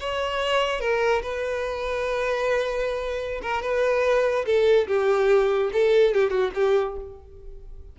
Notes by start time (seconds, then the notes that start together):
0.00 C#5
0.80 A#4
1.22 B4
3.42 A#4
3.62 B4
4.46 A4
4.88 G4
5.73 A4
6.14 G4
6.30 F#4
6.55 G4